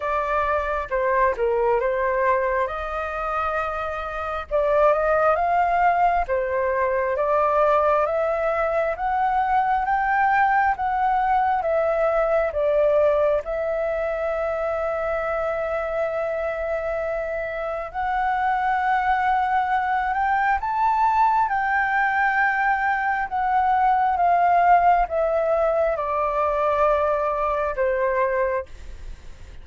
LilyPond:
\new Staff \with { instrumentName = "flute" } { \time 4/4 \tempo 4 = 67 d''4 c''8 ais'8 c''4 dis''4~ | dis''4 d''8 dis''8 f''4 c''4 | d''4 e''4 fis''4 g''4 | fis''4 e''4 d''4 e''4~ |
e''1 | fis''2~ fis''8 g''8 a''4 | g''2 fis''4 f''4 | e''4 d''2 c''4 | }